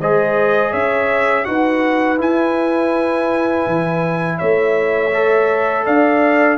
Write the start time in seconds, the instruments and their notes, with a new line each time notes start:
0.00 tuba G#3, trombone G#4, horn C5, trumpet D#5
0.72 tuba C#4, horn C#5, trumpet E5
1.45 tuba D#4, trombone F#4, horn B4, trumpet F#5
2.18 trombone E4, tuba E4, trumpet G#5
3.67 tuba E3
4.39 tuba A3, horn C#5, trumpet E5
5.14 trombone A4
5.86 tuba D4, horn D5, trumpet F5